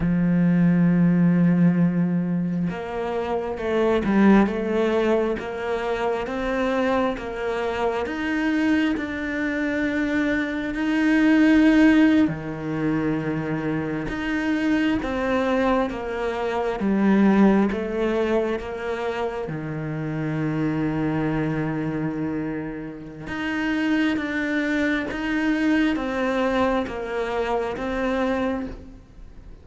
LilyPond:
\new Staff \with { instrumentName = "cello" } { \time 4/4 \tempo 4 = 67 f2. ais4 | a8 g8 a4 ais4 c'4 | ais4 dis'4 d'2 | dis'4.~ dis'16 dis2 dis'16~ |
dis'8. c'4 ais4 g4 a16~ | a8. ais4 dis2~ dis16~ | dis2 dis'4 d'4 | dis'4 c'4 ais4 c'4 | }